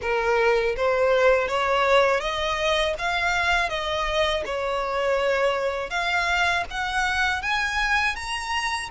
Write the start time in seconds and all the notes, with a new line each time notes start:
0.01 A#4
0.76 C5
1.47 C#5
2.20 D#5
2.98 F5
3.69 D#5
4.45 C#5
5.90 F5
6.70 F#5
7.42 G#5
8.15 A#5